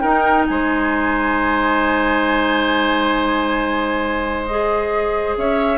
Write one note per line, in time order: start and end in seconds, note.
0.00 4.47 D#4
0.00 0.48 D#4
0.00 0.46 A#4
0.00 0.44 G5
0.47 5.37 G#3
0.47 5.39 C5
0.47 4.46 G#5
4.46 5.79 G#4
4.46 5.35 D#5
5.37 5.79 C#4
5.37 5.79 C#5
5.37 5.79 E5